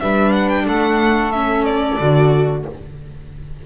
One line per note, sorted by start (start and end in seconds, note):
0.00 0.67 G3
0.00 1.33 D4
0.00 0.64 B4
0.00 0.32 E5
0.32 0.49 F#5
0.49 0.65 G5
0.64 1.99 A3
0.64 2.62 A4
0.64 1.31 F#5
1.31 1.99 C#4
1.31 1.64 E5
1.64 2.63 D5
1.99 2.66 D3
1.99 2.65 F#4